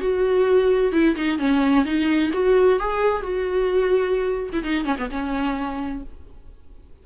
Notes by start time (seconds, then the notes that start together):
0.00 F#4
0.92 E4
1.15 D#4
1.38 C#4
1.85 D#4
2.33 F#4
2.79 G#4
3.22 F#4
4.52 E4
4.63 D#4
4.85 C#4
4.98 B3
5.10 C#4